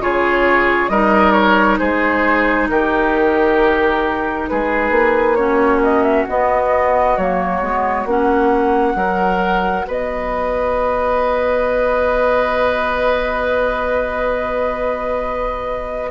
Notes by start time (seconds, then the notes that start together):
0.00 C#3 F4 G#4 C#5
0.89 G3 D#4 A#4 D#5
1.32 C#5
1.78 G#3 G#4 C5
2.69 D#3 G4 A#4
4.48 G#3 G#4 B4
4.90 A#3
5.35 C#4 F#4 C#5
5.83 D#5
6.03 E5
6.29 B3 D#5
7.17 F#3 A#3 C#5
7.61 G#3 B3
8.05 A#3 C#4 F#5
8.95 F#3 F#4 A#4
9.87 B3 B4 D#5